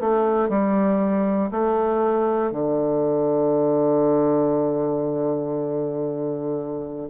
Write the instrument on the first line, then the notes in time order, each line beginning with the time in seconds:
bassoon
0.00 A3
0.49 G3
1.51 A3
2.51 D3